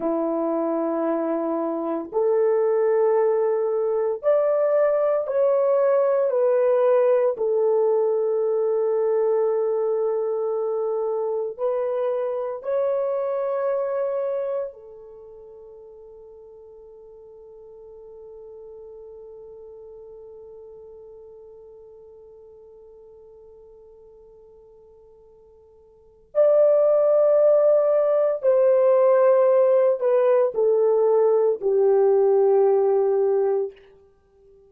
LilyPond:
\new Staff \with { instrumentName = "horn" } { \time 4/4 \tempo 4 = 57 e'2 a'2 | d''4 cis''4 b'4 a'4~ | a'2. b'4 | cis''2 a'2~ |
a'1~ | a'1~ | a'4 d''2 c''4~ | c''8 b'8 a'4 g'2 | }